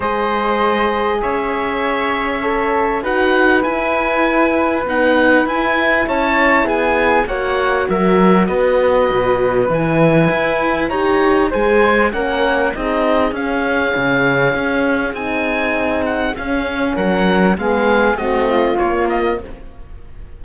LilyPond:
<<
  \new Staff \with { instrumentName = "oboe" } { \time 4/4 \tempo 4 = 99 dis''2 e''2~ | e''4 fis''4 gis''2 | fis''4 gis''4 a''4 gis''4 | fis''4 e''4 dis''2 |
gis''2 ais''4 gis''4 | fis''4 dis''4 f''2~ | f''4 gis''4. fis''8 f''4 | fis''4 f''4 dis''4 cis''8 dis''8 | }
  \new Staff \with { instrumentName = "flute" } { \time 4/4 c''2 cis''2~ | cis''4 b'2.~ | b'2 cis''4 gis'4 | cis''4 ais'4 b'2~ |
b'2 cis''4 c''4 | ais'4 gis'2.~ | gis'1 | ais'4 gis'4 fis'8 f'4. | }
  \new Staff \with { instrumentName = "horn" } { \time 4/4 gis'1 | a'4 fis'4 e'2 | b4 e'2. | fis'1 |
e'2 g'4 gis'4 | cis'4 dis'4 cis'2~ | cis'4 dis'2 cis'4~ | cis'4 b4 c'4 ais4 | }
  \new Staff \with { instrumentName = "cello" } { \time 4/4 gis2 cis'2~ | cis'4 dis'4 e'2 | dis'4 e'4 cis'4 b4 | ais4 fis4 b4 b,4 |
e4 e'4 dis'4 gis4 | ais4 c'4 cis'4 cis4 | cis'4 c'2 cis'4 | fis4 gis4 a4 ais4 | }
>>